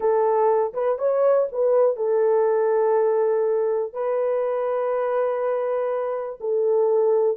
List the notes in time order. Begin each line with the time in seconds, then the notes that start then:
0.00 A4
0.73 B4
0.98 C#5
1.52 B4
1.96 A4
3.93 B4
6.40 A4